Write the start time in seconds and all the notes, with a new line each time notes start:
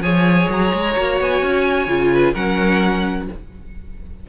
0.00 F3 G#4 C#5 G#5
0.49 F#3 A#5
0.74 G#3
0.97 A#3 F#4
1.20 B3 G#5
1.42 C#4
1.87 C#3 F4
2.13 B4
2.33 F#3 C#4 A#4 F#5